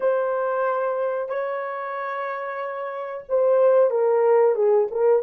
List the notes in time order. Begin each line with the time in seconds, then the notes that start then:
0.00 C5
1.28 C#5
3.28 C5
3.90 A#4
4.55 G#4
4.91 A#4